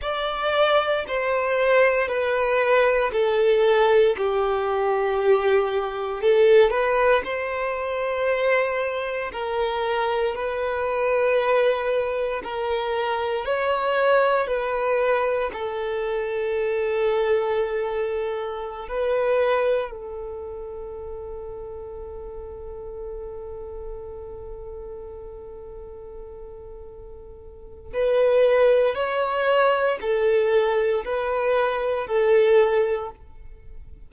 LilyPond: \new Staff \with { instrumentName = "violin" } { \time 4/4 \tempo 4 = 58 d''4 c''4 b'4 a'4 | g'2 a'8 b'8 c''4~ | c''4 ais'4 b'2 | ais'4 cis''4 b'4 a'4~ |
a'2~ a'16 b'4 a'8.~ | a'1~ | a'2. b'4 | cis''4 a'4 b'4 a'4 | }